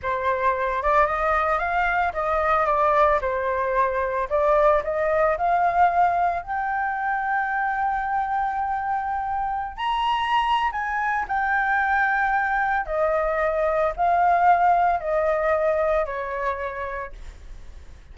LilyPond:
\new Staff \with { instrumentName = "flute" } { \time 4/4 \tempo 4 = 112 c''4. d''8 dis''4 f''4 | dis''4 d''4 c''2 | d''4 dis''4 f''2 | g''1~ |
g''2~ g''16 ais''4.~ ais''16 | gis''4 g''2. | dis''2 f''2 | dis''2 cis''2 | }